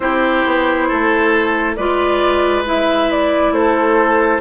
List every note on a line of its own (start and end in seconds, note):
0.00 0.43 C4
0.00 1.77 E4
0.00 0.87 G4
0.00 1.74 C5
0.46 0.90 B3
0.87 1.78 A3
0.87 1.76 A4
1.75 3.51 G#3
1.75 2.65 F4
1.75 3.53 B4
1.75 2.64 D5
2.65 4.40 E4
2.65 3.11 E5
3.11 3.53 D5
3.51 4.39 A3
3.51 4.40 A4
3.51 4.40 C5